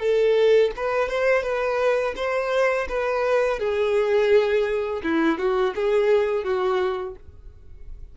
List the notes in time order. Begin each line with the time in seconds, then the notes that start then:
0.00 A4
0.77 B4
1.09 C5
1.43 B4
2.16 C5
2.89 B4
3.59 G#4
5.04 E4
5.38 F#4
5.75 G#4
6.44 F#4